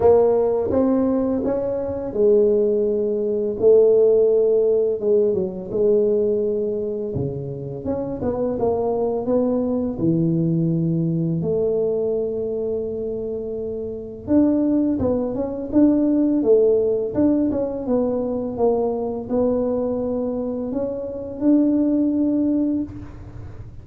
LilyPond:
\new Staff \with { instrumentName = "tuba" } { \time 4/4 \tempo 4 = 84 ais4 c'4 cis'4 gis4~ | gis4 a2 gis8 fis8 | gis2 cis4 cis'8 b8 | ais4 b4 e2 |
a1 | d'4 b8 cis'8 d'4 a4 | d'8 cis'8 b4 ais4 b4~ | b4 cis'4 d'2 | }